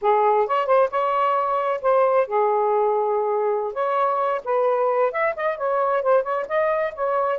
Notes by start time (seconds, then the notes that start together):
0.01 G#4
0.46 C#5
0.66 C5
0.90 C#5
1.81 C5
2.27 G#4
3.73 C#5
4.44 B4
5.12 E5
5.36 D#5
5.57 C#5
6.02 C5
6.23 C#5
6.48 D#5
6.94 C#5